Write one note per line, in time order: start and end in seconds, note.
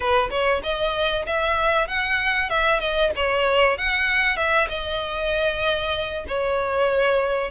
0.00 0.29 B4
0.30 0.61 C#5
0.62 1.25 D#5
1.26 1.88 E5
1.88 2.49 F#5
2.49 2.80 E5
2.80 3.11 D#5
3.16 3.77 C#5
3.77 4.36 F#5
4.36 4.68 E5
4.68 6.25 D#5
6.28 7.51 C#5